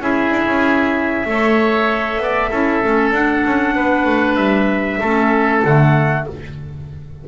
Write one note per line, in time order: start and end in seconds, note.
0.00 0.31 C#4
0.00 1.26 E4
0.00 1.27 G#4
0.00 3.14 E5
0.31 0.47 D4
0.47 1.25 C#4
1.25 2.18 A3
1.25 2.52 A4
1.25 2.22 C#5
2.18 2.50 B3
2.18 2.50 D5
2.50 2.83 C#4
2.50 2.83 E4
2.50 3.75 A4
2.83 3.12 A3
2.83 3.14 C#4
3.12 3.43 D4
3.12 5.02 D4
3.12 4.36 F#5
3.45 3.76 C#4
3.76 4.05 B3
3.76 5.00 B4
4.05 4.36 A3
4.36 4.99 G3
4.36 5.61 E5
5.00 5.63 A3
5.00 5.65 C#4
5.00 6.25 A4
5.65 6.27 D3
5.65 6.28 A3
5.65 6.27 F#5